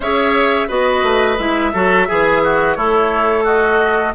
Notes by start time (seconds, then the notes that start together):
0.00 C#4 G#4 C#5 E5
0.68 B3 F#4 B4 D#5
1.03 A3
1.38 G#3 E4 E5
1.73 F#3 F#4 A4
2.07 E3 G#4
2.43 F#4
2.74 A3 E4 A4 C#5
3.44 F#4 D#5